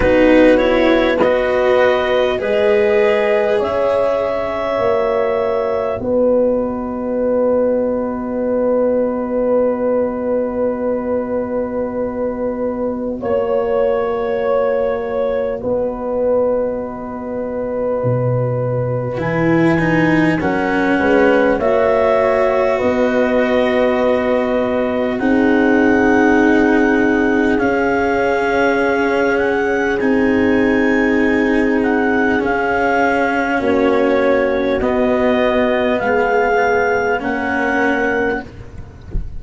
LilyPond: <<
  \new Staff \with { instrumentName = "clarinet" } { \time 4/4 \tempo 4 = 50 b'8 cis''8 dis''4 b'4 e''4~ | e''4 dis''2.~ | dis''2. cis''4~ | cis''4 dis''2. |
gis''4 fis''4 e''4 dis''4~ | dis''4 fis''2 f''4~ | f''8 fis''8 gis''4. fis''8 f''4 | cis''4 dis''4 f''4 fis''4 | }
  \new Staff \with { instrumentName = "horn" } { \time 4/4 fis'4 b'4 dis''4 cis''4~ | cis''4 b'2.~ | b'2. cis''4~ | cis''4 b'2.~ |
b'4 ais'8 b'8 cis''4 b'4~ | b'4 gis'2.~ | gis'1 | fis'2 gis'4 ais'4 | }
  \new Staff \with { instrumentName = "cello" } { \time 4/4 dis'8 e'8 fis'4 gis'2 | fis'1~ | fis'1~ | fis'1 |
e'8 dis'8 cis'4 fis'2~ | fis'4 dis'2 cis'4~ | cis'4 dis'2 cis'4~ | cis'4 b2 cis'4 | }
  \new Staff \with { instrumentName = "tuba" } { \time 4/4 b2 gis4 cis'4 | ais4 b2.~ | b2. ais4~ | ais4 b2 b,4 |
e4 fis8 gis8 ais4 b4~ | b4 c'2 cis'4~ | cis'4 c'2 cis'4 | ais4 b4 gis4 ais4 | }
>>